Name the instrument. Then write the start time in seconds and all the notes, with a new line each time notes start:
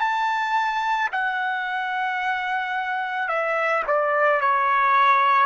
trumpet
0.00 A5
1.12 F#5
3.28 E5
3.87 D5
4.41 C#5